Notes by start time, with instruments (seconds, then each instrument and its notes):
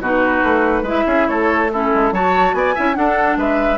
0.00 bassoon B2, clarinet D#4, oboe F#4, flute B4
0.43 bassoon A3
0.83 bassoon G#3, clarinet E4, oboe B4, flute E5
1.07 bassoon C#4, oboe G#4
1.28 bassoon A3, oboe A4, flute C#5
1.72 clarinet C#4, oboe E4, flute A4
1.95 bassoon G#3
2.12 bassoon F#3, clarinet F#4, oboe C#5, flute A5
2.54 bassoon B3, oboe D5, flute G#5
2.75 bassoon C#4, clarinet E4, oboe E5
2.94 clarinet D4, bassoon D4, oboe A4, flute F#5
3.37 bassoon G#3, oboe B4, flute E5